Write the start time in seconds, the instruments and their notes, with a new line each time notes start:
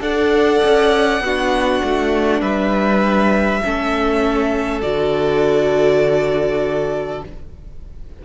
0.00 cello D4, viola A4, violin D5 F#5
0.64 cello C#4
1.20 cello B3, viola D4, violin F#4
1.84 cello A3
2.41 cello G3, violin B4 E5
3.63 cello A3, viola C#4, violin A4
4.82 cello D3, viola F#4, violin D5